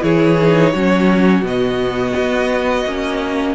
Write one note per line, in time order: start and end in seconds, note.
0.00 0.73 E3
0.00 0.35 E4
0.00 0.72 G#4
0.00 1.44 C#5
0.41 0.75 D#4
0.72 1.42 F#3
0.72 1.42 C#4
0.72 3.55 F#4
1.42 2.12 B2
1.42 2.84 B3
1.42 3.55 D#5
2.17 2.85 B3
2.85 3.55 A#3
2.85 3.55 C#4